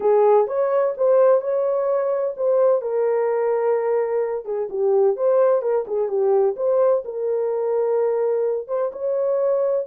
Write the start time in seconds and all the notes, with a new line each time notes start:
0.00 G#4
0.47 C#5
0.97 C5
1.41 C#5
2.37 C5
2.81 A#4
4.45 G#4
4.69 G4
5.16 C5
5.61 A#4
5.87 G#4
6.08 G4
6.56 C5
7.04 A#4
8.67 C5
8.92 C#5